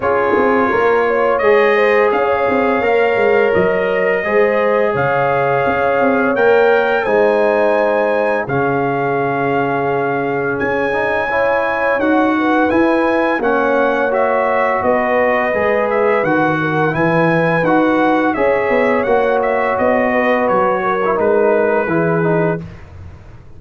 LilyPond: <<
  \new Staff \with { instrumentName = "trumpet" } { \time 4/4 \tempo 4 = 85 cis''2 dis''4 f''4~ | f''4 dis''2 f''4~ | f''4 g''4 gis''2 | f''2. gis''4~ |
gis''4 fis''4 gis''4 fis''4 | e''4 dis''4. e''8 fis''4 | gis''4 fis''4 e''4 fis''8 e''8 | dis''4 cis''4 b'2 | }
  \new Staff \with { instrumentName = "horn" } { \time 4/4 gis'4 ais'8 cis''4 c''8 cis''4~ | cis''2 c''4 cis''4~ | cis''2 c''2 | gis'1 |
cis''4. b'4. cis''4~ | cis''4 b'2~ b'8 ais'8 | b'2 cis''2~ | cis''8 b'4 ais'4. gis'4 | }
  \new Staff \with { instrumentName = "trombone" } { \time 4/4 f'2 gis'2 | ais'2 gis'2~ | gis'4 ais'4 dis'2 | cis'2.~ cis'8 dis'8 |
e'4 fis'4 e'4 cis'4 | fis'2 gis'4 fis'4 | e'4 fis'4 gis'4 fis'4~ | fis'4.~ fis'16 e'16 dis'4 e'8 dis'8 | }
  \new Staff \with { instrumentName = "tuba" } { \time 4/4 cis'8 c'8 ais4 gis4 cis'8 c'8 | ais8 gis8 fis4 gis4 cis4 | cis'8 c'8 ais4 gis2 | cis2. cis'4~ |
cis'4 dis'4 e'4 ais4~ | ais4 b4 gis4 dis4 | e4 dis'4 cis'8 b8 ais4 | b4 fis4 gis4 e4 | }
>>